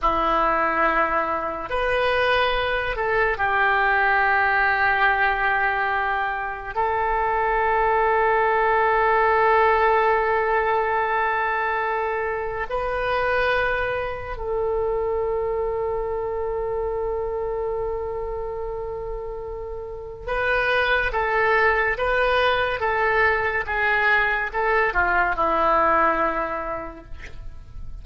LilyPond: \new Staff \with { instrumentName = "oboe" } { \time 4/4 \tempo 4 = 71 e'2 b'4. a'8 | g'1 | a'1~ | a'2. b'4~ |
b'4 a'2.~ | a'1 | b'4 a'4 b'4 a'4 | gis'4 a'8 f'8 e'2 | }